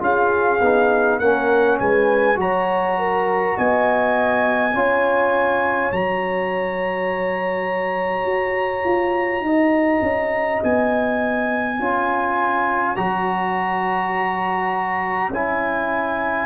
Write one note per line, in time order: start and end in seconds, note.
0.00 0.60 C#4
0.00 0.59 F4
0.00 1.20 G#4
0.00 1.19 F5
0.62 1.21 B3
0.62 1.22 D#4
1.19 1.80 A#3
1.19 2.36 C#4
1.19 1.79 A#4
1.19 1.78 F#5
1.79 2.37 G#3
1.79 2.39 B4
1.79 2.38 G#5
2.36 3.55 F#3
2.36 4.71 F#4
2.36 2.99 C#5
2.36 3.58 A#5
2.99 3.58 A#4
3.58 4.74 B3
3.58 4.75 D#5
3.58 5.93 G#5
4.74 5.92 C#4
4.74 5.92 F4
4.74 9.46 C#5
5.92 8.25 F#3
5.92 11.80 F#4
5.92 10.63 A#5
8.25 8.84 F#4
8.85 9.41 F4
9.41 10.00 D#4
9.41 11.77 D#5
10.02 10.61 C#4
10.64 11.79 B3
10.64 12.97 G#5
11.77 12.97 C#4
11.77 12.97 F4
11.77 16.46 C#5
12.97 15.30 F#3
12.97 15.32 F#4
12.97 15.32 A#5
15.30 16.46 C#4
15.30 16.46 E4
15.30 16.46 G#5